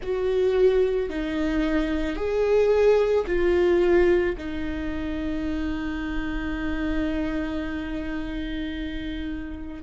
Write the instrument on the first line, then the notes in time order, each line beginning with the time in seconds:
viola
0.02 F#4
1.09 D#4
2.15 G#4
3.27 F4
4.37 D#4